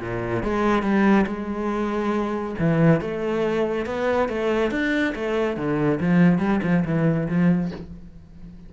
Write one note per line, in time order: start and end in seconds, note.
0.00 0.42 A#2
0.42 0.82 G#3
0.82 1.25 G3
1.26 2.55 G#3
2.59 3.00 E3
3.00 3.86 A3
3.86 4.28 B3
4.28 4.70 A3
4.70 5.13 D4
5.14 5.56 A3
5.56 5.99 D3
6.00 6.38 F3
6.38 6.60 G3
6.63 6.84 F3
6.85 7.28 E3
7.28 7.71 F3